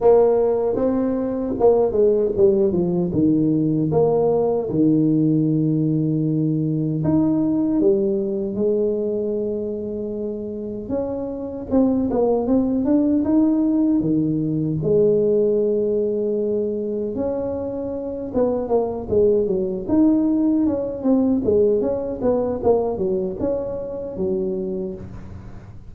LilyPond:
\new Staff \with { instrumentName = "tuba" } { \time 4/4 \tempo 4 = 77 ais4 c'4 ais8 gis8 g8 f8 | dis4 ais4 dis2~ | dis4 dis'4 g4 gis4~ | gis2 cis'4 c'8 ais8 |
c'8 d'8 dis'4 dis4 gis4~ | gis2 cis'4. b8 | ais8 gis8 fis8 dis'4 cis'8 c'8 gis8 | cis'8 b8 ais8 fis8 cis'4 fis4 | }